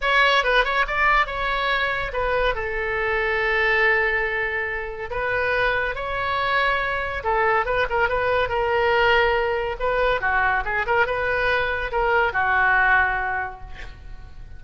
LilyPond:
\new Staff \with { instrumentName = "oboe" } { \time 4/4 \tempo 4 = 141 cis''4 b'8 cis''8 d''4 cis''4~ | cis''4 b'4 a'2~ | a'1 | b'2 cis''2~ |
cis''4 a'4 b'8 ais'8 b'4 | ais'2. b'4 | fis'4 gis'8 ais'8 b'2 | ais'4 fis'2. | }